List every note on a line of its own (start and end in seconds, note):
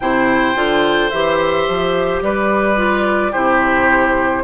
0.00 0.55 C3
0.00 0.55 E4
0.00 2.23 C5
0.00 1.10 G5
0.55 1.11 D3
0.55 1.10 F4
1.10 1.67 E3
1.10 2.76 G4
1.10 2.21 E5
1.68 2.21 F3
2.21 3.32 G3
2.21 3.31 B4
2.21 3.33 D5
2.76 3.32 F4
3.31 4.44 C3
3.31 4.44 E4
3.31 4.42 G4
3.31 4.44 C5